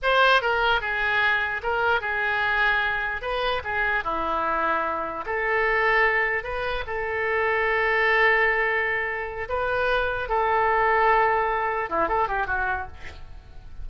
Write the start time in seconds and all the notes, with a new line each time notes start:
0.02 C5
0.41 A#4
0.81 G#4
1.62 A#4
2.00 G#4
3.21 B4
3.64 G#4
4.03 E4
5.26 A4
6.43 B4
6.86 A4
9.48 B4
10.28 A4
11.89 E4
12.08 A4
12.27 G4
12.46 F#4